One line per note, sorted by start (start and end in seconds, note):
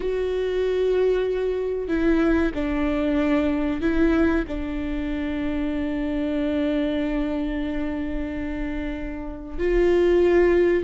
0.00 1.88 F#4
1.88 2.52 E4
2.54 3.81 D4
3.81 4.45 E4
4.47 9.58 D4
9.58 10.83 F4